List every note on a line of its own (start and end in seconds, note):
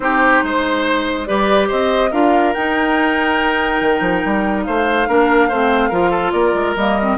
0.00 0.40 C4
0.00 1.26 D#4
0.00 0.44 G4
0.00 1.24 C5
0.43 1.27 G#3
0.43 1.28 C5
1.25 1.71 G3
1.25 2.10 G4
1.25 1.68 B4
1.25 1.68 D5
1.68 2.12 C4
1.68 2.10 C5
1.68 2.12 D#5
2.10 2.54 D4
2.10 2.54 F4
2.10 4.64 A#4
2.10 2.53 F5
2.53 3.81 D#4
2.53 5.08 D#4
2.53 4.63 G5
3.81 4.00 D#3
4.00 4.21 F3
4.25 4.67 G3
4.63 5.07 A3
4.63 5.08 C5
4.63 6.31 F5
5.07 5.50 A#3
5.07 5.50 D4
5.07 5.48 A#4
5.48 5.91 A3
5.48 5.91 C4
5.48 5.89 C5
5.89 6.32 F3
5.89 6.76 F4
5.89 6.10 A#4
6.10 6.31 A4
6.31 6.53 A#3
6.31 7.17 A#4
6.31 6.74 D5
6.54 6.75 G#3
6.75 7.18 G3
6.75 6.99 A#3
6.75 7.18 D#5
7.01 7.18 C4